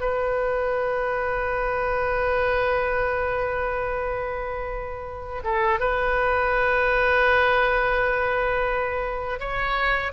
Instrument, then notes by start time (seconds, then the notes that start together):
oboe
0.00 B4
5.44 A4
5.80 B4
9.40 C#5